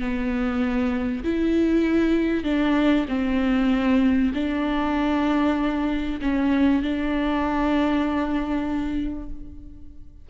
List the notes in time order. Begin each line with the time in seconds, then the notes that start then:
0.00 B3
1.24 E4
2.44 D4
3.09 C4
4.34 D4
6.22 C#4
6.82 D4